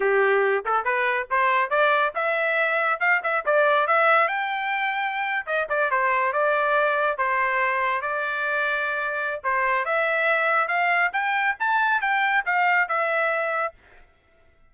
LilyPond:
\new Staff \with { instrumentName = "trumpet" } { \time 4/4 \tempo 4 = 140 g'4. a'8 b'4 c''4 | d''4 e''2 f''8 e''8 | d''4 e''4 g''2~ | g''8. dis''8 d''8 c''4 d''4~ d''16~ |
d''8. c''2 d''4~ d''16~ | d''2 c''4 e''4~ | e''4 f''4 g''4 a''4 | g''4 f''4 e''2 | }